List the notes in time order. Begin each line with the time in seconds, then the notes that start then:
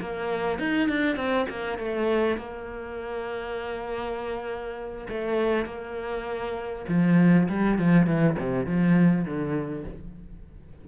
0.00 A#3
0.59 D#4
0.88 D4
1.16 C4
1.49 A#3
1.78 A3
2.37 A#3
5.09 A3
5.65 A#3
6.88 F3
7.48 G3
7.78 F3
8.06 E3
8.39 C3
8.66 F3
9.24 D3